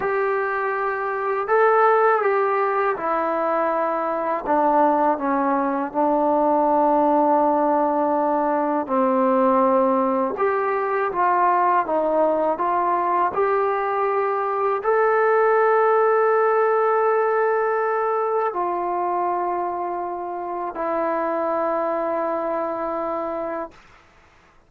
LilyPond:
\new Staff \with { instrumentName = "trombone" } { \time 4/4 \tempo 4 = 81 g'2 a'4 g'4 | e'2 d'4 cis'4 | d'1 | c'2 g'4 f'4 |
dis'4 f'4 g'2 | a'1~ | a'4 f'2. | e'1 | }